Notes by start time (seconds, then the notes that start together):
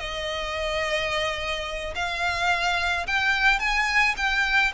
0.00 D#5
1.96 F5
3.07 G5
3.60 G#5
4.17 G5